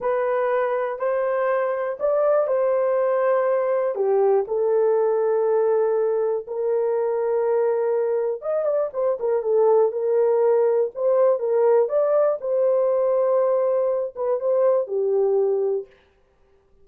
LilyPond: \new Staff \with { instrumentName = "horn" } { \time 4/4 \tempo 4 = 121 b'2 c''2 | d''4 c''2. | g'4 a'2.~ | a'4 ais'2.~ |
ais'4 dis''8 d''8 c''8 ais'8 a'4 | ais'2 c''4 ais'4 | d''4 c''2.~ | c''8 b'8 c''4 g'2 | }